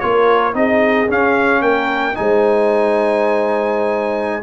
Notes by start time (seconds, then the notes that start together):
0.00 A#3 F4 A#4 C#5
0.53 C4 D#4 G#4 D#5
1.07 C#4 F5
1.62 A#3 A#4 G5
2.14 G#3 D#4 C5 G#5